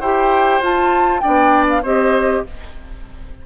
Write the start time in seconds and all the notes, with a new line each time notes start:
0.00 E4 G4 C5 G5
0.60 F4 A5
1.20 D4 D5 G5
1.26 B3
1.69 F5
1.82 C4 G4 C5 D#5